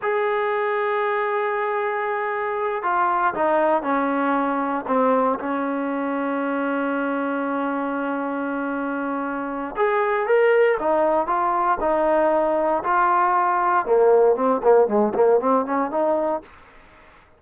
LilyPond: \new Staff \with { instrumentName = "trombone" } { \time 4/4 \tempo 4 = 117 gis'1~ | gis'4. f'4 dis'4 cis'8~ | cis'4. c'4 cis'4.~ | cis'1~ |
cis'2. gis'4 | ais'4 dis'4 f'4 dis'4~ | dis'4 f'2 ais4 | c'8 ais8 gis8 ais8 c'8 cis'8 dis'4 | }